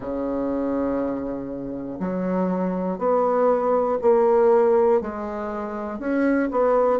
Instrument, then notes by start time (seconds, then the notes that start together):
bassoon
0.00 C#3
2.00 F#3
2.98 B3
4.01 A#3
5.01 G#3
5.99 C#4
6.50 B3